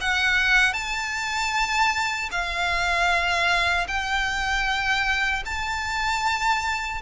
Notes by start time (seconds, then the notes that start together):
0.00 F#5
0.73 A5
2.31 F5
3.87 G5
5.45 A5